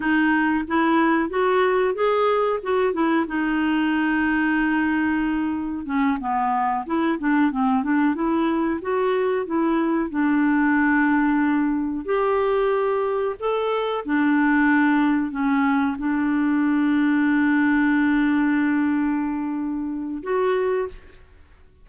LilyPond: \new Staff \with { instrumentName = "clarinet" } { \time 4/4 \tempo 4 = 92 dis'4 e'4 fis'4 gis'4 | fis'8 e'8 dis'2.~ | dis'4 cis'8 b4 e'8 d'8 c'8 | d'8 e'4 fis'4 e'4 d'8~ |
d'2~ d'8 g'4.~ | g'8 a'4 d'2 cis'8~ | cis'8 d'2.~ d'8~ | d'2. fis'4 | }